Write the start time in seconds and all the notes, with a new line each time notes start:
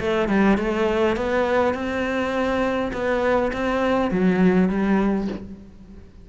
0.00 A3
0.28 G3
0.57 A3
1.16 B3
1.74 C4
2.93 B3
3.52 C4
4.11 F#3
4.68 G3